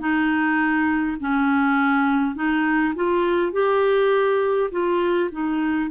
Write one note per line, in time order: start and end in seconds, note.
0.00 1.18 D#4
1.20 2.35 C#4
2.35 2.94 D#4
2.95 3.52 F4
3.52 4.70 G4
4.72 5.30 F4
5.32 5.91 D#4